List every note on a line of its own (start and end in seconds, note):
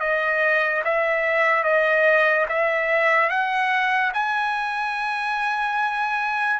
0.00 0.82 D#5
0.84 1.64 E5
1.64 2.46 D#5
2.49 3.30 E5
3.30 4.12 F#5
4.14 6.60 G#5